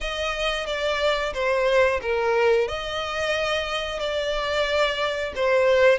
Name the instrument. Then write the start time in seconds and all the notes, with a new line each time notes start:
violin
0.00 D#5
0.66 D5
1.33 C5
2.01 A#4
2.68 D#5
3.99 D5
5.35 C5